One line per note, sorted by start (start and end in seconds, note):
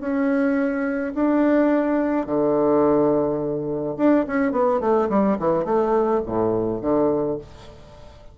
0.00 1.13 C#4
1.15 2.26 D4
2.26 3.96 D3
3.97 4.25 D4
4.27 4.52 C#4
4.52 4.80 B3
4.80 5.08 A3
5.09 5.37 G3
5.39 5.64 E3
5.64 6.21 A3
6.25 6.82 A2
6.82 7.38 D3